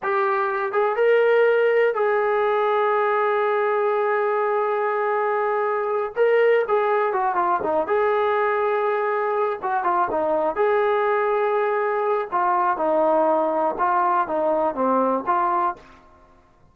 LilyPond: \new Staff \with { instrumentName = "trombone" } { \time 4/4 \tempo 4 = 122 g'4. gis'8 ais'2 | gis'1~ | gis'1~ | gis'8 ais'4 gis'4 fis'8 f'8 dis'8 |
gis'2.~ gis'8 fis'8 | f'8 dis'4 gis'2~ gis'8~ | gis'4 f'4 dis'2 | f'4 dis'4 c'4 f'4 | }